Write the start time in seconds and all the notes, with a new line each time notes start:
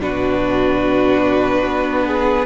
0.00 B2 D4 F#4 B4
1.65 B3
2.06 G#4